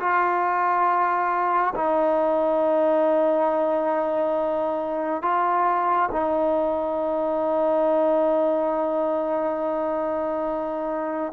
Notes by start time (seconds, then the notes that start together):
0.00 F4
1.75 D#4
5.23 F4
6.12 D#4